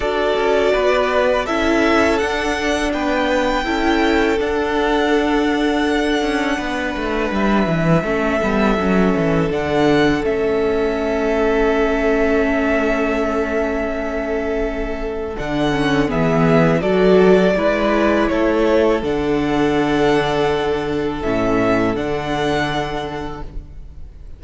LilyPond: <<
  \new Staff \with { instrumentName = "violin" } { \time 4/4 \tempo 4 = 82 d''2 e''4 fis''4 | g''2 fis''2~ | fis''2 e''2~ | e''4 fis''4 e''2~ |
e''1~ | e''4 fis''4 e''4 d''4~ | d''4 cis''4 fis''2~ | fis''4 e''4 fis''2 | }
  \new Staff \with { instrumentName = "violin" } { \time 4/4 a'4 b'4 a'2 | b'4 a'2.~ | a'4 b'2 a'4~ | a'1~ |
a'1~ | a'2 gis'4 a'4 | b'4 a'2.~ | a'1 | }
  \new Staff \with { instrumentName = "viola" } { \time 4/4 fis'2 e'4 d'4~ | d'4 e'4 d'2~ | d'2. cis'8 b8 | cis'4 d'4 cis'2~ |
cis'1~ | cis'4 d'8 cis'8 b4 fis'4 | e'2 d'2~ | d'4 cis'4 d'2 | }
  \new Staff \with { instrumentName = "cello" } { \time 4/4 d'8 cis'8 b4 cis'4 d'4 | b4 cis'4 d'2~ | d'8 cis'8 b8 a8 g8 e8 a8 g8 | fis8 e8 d4 a2~ |
a1~ | a4 d4 e4 fis4 | gis4 a4 d2~ | d4 a,4 d2 | }
>>